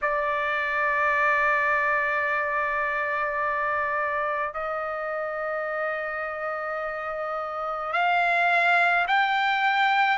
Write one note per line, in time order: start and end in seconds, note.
0.01 4.53 D5
4.53 7.92 D#5
7.92 9.06 F5
9.07 10.17 G5